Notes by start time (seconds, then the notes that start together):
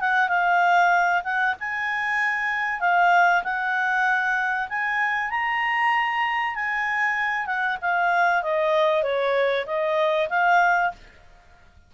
0.00 F#5
0.28 F5
1.24 F#5
1.60 G#5
2.80 F5
3.43 F#5
4.69 G#5
5.30 A#5
6.55 G#5
7.46 F#5
7.81 F5
8.43 D#5
9.03 C#5
9.66 D#5
10.29 F5